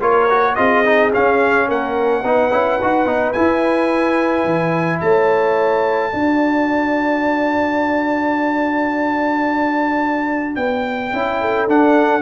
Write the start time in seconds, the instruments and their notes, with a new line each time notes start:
0.00 tuba A#3, trombone F4, horn A#4, trumpet C#5
0.30 trombone F#4
0.55 tuba C4, trombone F4, horn G#4, trumpet D#5
0.85 trombone D#4
1.13 trombone C#4, tuba C#4, trumpet F5
1.68 tuba A#3, horn A#4, trumpet F#5
2.22 tuba B3, trombone D#4, horn B4
2.52 tuba C#4, trombone E4
2.82 tuba D#4, trombone F#4
3.06 tuba B3, trombone D#4
3.33 trombone E4, tuba E4, trumpet G#5
4.45 tuba E3
5.00 tuba A3, horn C#5, trumpet A5
6.11 tuba D4, trombone F#4, horn D5
10.56 tuba B3, trumpet G5
11.13 tuba C#4, trombone E4
11.41 horn A4
11.68 tuba D4, trombone D4, trumpet F#5